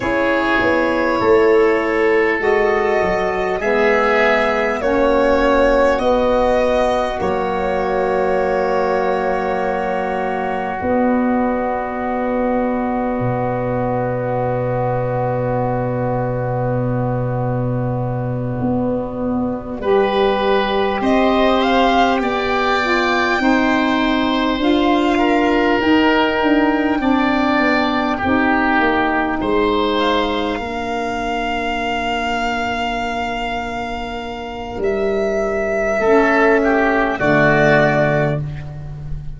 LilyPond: <<
  \new Staff \with { instrumentName = "violin" } { \time 4/4 \tempo 4 = 50 cis''2 dis''4 e''4 | cis''4 dis''4 cis''2~ | cis''4 d''2.~ | d''1~ |
d''4. dis''8 f''8 g''4.~ | g''8 f''4 g''2~ g''8~ | g''4 f''2.~ | f''4 e''2 d''4 | }
  \new Staff \with { instrumentName = "oboe" } { \time 4/4 gis'4 a'2 gis'4 | fis'1~ | fis'1~ | fis'1~ |
fis'8 b'4 c''4 d''4 c''8~ | c''4 ais'4. d''4 g'8~ | g'8 c''4 ais'2~ ais'8~ | ais'2 a'8 g'8 fis'4 | }
  \new Staff \with { instrumentName = "saxophone" } { \time 4/4 e'2 fis'4 b4 | cis'4 b4 ais2~ | ais4 b2.~ | b1~ |
b8 g'2~ g'8 f'8 dis'8~ | dis'8 f'4 dis'4 d'4 dis'8~ | dis'4. d'2~ d'8~ | d'2 cis'4 a4 | }
  \new Staff \with { instrumentName = "tuba" } { \time 4/4 cis'8 b8 a4 gis8 fis8 gis4 | ais4 b4 fis2~ | fis4 b2 b,4~ | b,2.~ b,8 b8~ |
b8 g4 c'4 b4 c'8~ | c'8 d'4 dis'8 d'8 c'8 b8 c'8 | ais8 gis4 ais2~ ais8~ | ais4 g4 a4 d4 | }
>>